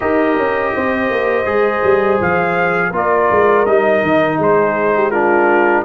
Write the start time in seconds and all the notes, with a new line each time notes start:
0.00 D#4 G4 A#4 D#5
0.37 C#4
0.74 C4 C5
1.10 A#3
1.45 G#3 G#4
1.83 G3
2.20 F3 F5
2.89 A#3 F4 A#4
2.96 D5
3.30 G#3
3.65 G3 D#4 D#5
4.02 D#3
4.38 G#3 G#4 C5
4.95 G4
5.10 D4 F4 A#4